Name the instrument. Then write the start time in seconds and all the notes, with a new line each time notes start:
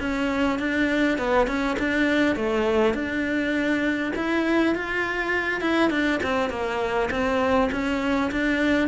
cello
0.00 C#4
0.59 D4
1.19 B3
1.47 C#4
1.79 D4
2.36 A3
2.94 D4
4.16 E4
4.75 F4
5.61 E4
5.91 D4
6.23 C4
6.50 A#3
7.11 C4
7.72 C#4
8.32 D4